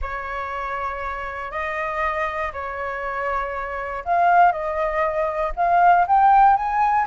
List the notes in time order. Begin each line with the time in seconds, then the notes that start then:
0.01 C#5
1.51 D#5
2.52 C#5
4.04 F5
4.51 D#5
5.56 F5
6.07 G5
6.56 G#5